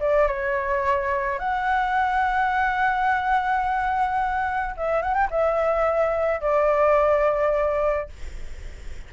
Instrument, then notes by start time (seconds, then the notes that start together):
flute
0.00 D5
0.27 C#5
1.39 F#5
4.77 E5
5.02 F#5
5.14 G5
5.30 E5
6.41 D5